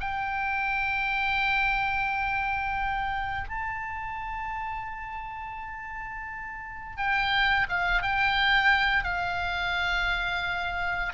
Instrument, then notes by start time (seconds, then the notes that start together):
oboe
0.00 G5
3.49 A5
6.97 G5
7.69 F5
8.02 G5
9.04 F5